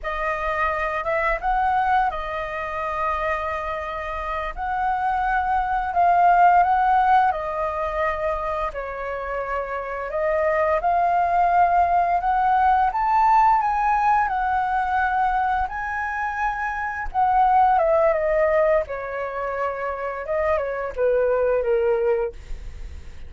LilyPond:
\new Staff \with { instrumentName = "flute" } { \time 4/4 \tempo 4 = 86 dis''4. e''8 fis''4 dis''4~ | dis''2~ dis''8 fis''4.~ | fis''8 f''4 fis''4 dis''4.~ | dis''8 cis''2 dis''4 f''8~ |
f''4. fis''4 a''4 gis''8~ | gis''8 fis''2 gis''4.~ | gis''8 fis''4 e''8 dis''4 cis''4~ | cis''4 dis''8 cis''8 b'4 ais'4 | }